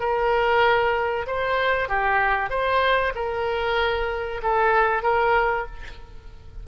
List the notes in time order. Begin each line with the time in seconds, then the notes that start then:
0.00 A#4
1.27 C5
1.89 G4
2.50 C5
3.15 A#4
4.42 A4
5.02 A#4